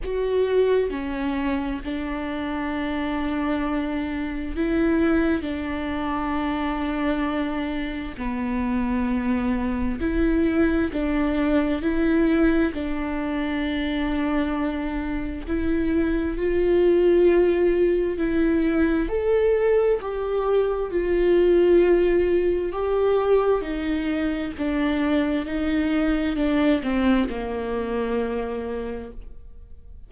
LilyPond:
\new Staff \with { instrumentName = "viola" } { \time 4/4 \tempo 4 = 66 fis'4 cis'4 d'2~ | d'4 e'4 d'2~ | d'4 b2 e'4 | d'4 e'4 d'2~ |
d'4 e'4 f'2 | e'4 a'4 g'4 f'4~ | f'4 g'4 dis'4 d'4 | dis'4 d'8 c'8 ais2 | }